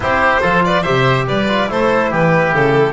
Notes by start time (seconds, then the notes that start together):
0.00 C4 E4 G4 C5
0.41 F3 F4 A4
0.64 B4 D5
0.82 C3 G4 C5 E5
1.27 G3 B4 D5
1.48 F4
1.67 A3 E4 A4 C5
2.10 E3 G4 B4
2.52 C#3 A4